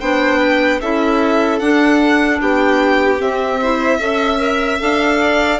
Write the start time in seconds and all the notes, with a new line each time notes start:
0.00 B3 D4 C5 G5
0.39 B4
0.81 C#4 E4 A4 E5
1.60 D4 F#5
2.41 B3 G4 G5
3.18 C4 E5
3.61 E4 C5
3.98 C#4 A4 E5
4.38 A#4
4.79 D4 A4 F5
5.21 D5